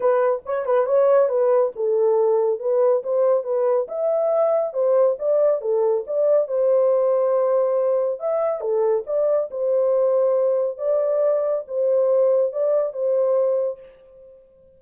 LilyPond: \new Staff \with { instrumentName = "horn" } { \time 4/4 \tempo 4 = 139 b'4 cis''8 b'8 cis''4 b'4 | a'2 b'4 c''4 | b'4 e''2 c''4 | d''4 a'4 d''4 c''4~ |
c''2. e''4 | a'4 d''4 c''2~ | c''4 d''2 c''4~ | c''4 d''4 c''2 | }